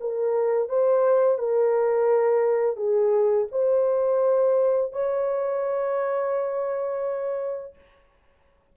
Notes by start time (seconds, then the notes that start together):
0.00 A#4
0.68 C5
1.38 A#4
2.76 G#4
3.51 C5
4.92 C#5